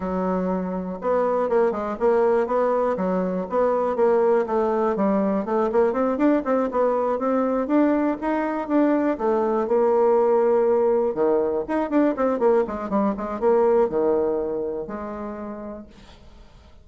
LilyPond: \new Staff \with { instrumentName = "bassoon" } { \time 4/4 \tempo 4 = 121 fis2 b4 ais8 gis8 | ais4 b4 fis4 b4 | ais4 a4 g4 a8 ais8 | c'8 d'8 c'8 b4 c'4 d'8~ |
d'8 dis'4 d'4 a4 ais8~ | ais2~ ais8 dis4 dis'8 | d'8 c'8 ais8 gis8 g8 gis8 ais4 | dis2 gis2 | }